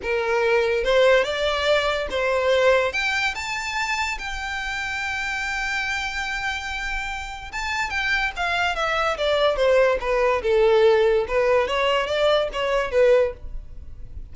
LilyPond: \new Staff \with { instrumentName = "violin" } { \time 4/4 \tempo 4 = 144 ais'2 c''4 d''4~ | d''4 c''2 g''4 | a''2 g''2~ | g''1~ |
g''2 a''4 g''4 | f''4 e''4 d''4 c''4 | b'4 a'2 b'4 | cis''4 d''4 cis''4 b'4 | }